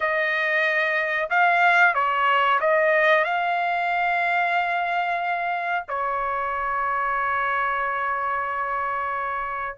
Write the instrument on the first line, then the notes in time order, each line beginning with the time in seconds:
trumpet
0.00 D#5
1.30 F5
1.94 C#5
2.60 D#5
3.24 F5
5.88 C#5